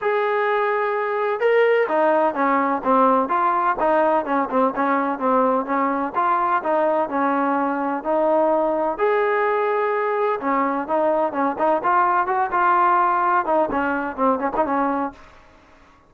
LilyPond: \new Staff \with { instrumentName = "trombone" } { \time 4/4 \tempo 4 = 127 gis'2. ais'4 | dis'4 cis'4 c'4 f'4 | dis'4 cis'8 c'8 cis'4 c'4 | cis'4 f'4 dis'4 cis'4~ |
cis'4 dis'2 gis'4~ | gis'2 cis'4 dis'4 | cis'8 dis'8 f'4 fis'8 f'4.~ | f'8 dis'8 cis'4 c'8 cis'16 dis'16 cis'4 | }